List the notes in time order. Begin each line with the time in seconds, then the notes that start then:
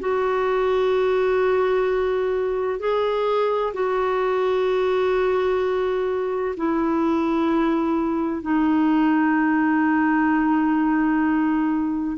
0.00 F#4
2.80 G#4
3.74 F#4
6.57 E4
8.42 D#4